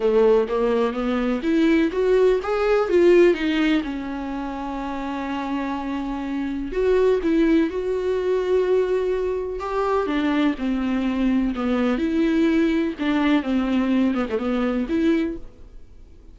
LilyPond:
\new Staff \with { instrumentName = "viola" } { \time 4/4 \tempo 4 = 125 a4 ais4 b4 e'4 | fis'4 gis'4 f'4 dis'4 | cis'1~ | cis'2 fis'4 e'4 |
fis'1 | g'4 d'4 c'2 | b4 e'2 d'4 | c'4. b16 a16 b4 e'4 | }